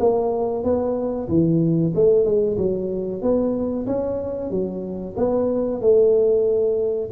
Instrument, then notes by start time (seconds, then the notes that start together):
tuba
0.00 A#3
0.64 B3
1.29 E3
1.95 A3
2.25 G#3
2.58 F#3
3.22 B3
3.87 C#4
4.51 F#3
5.17 B3
5.81 A3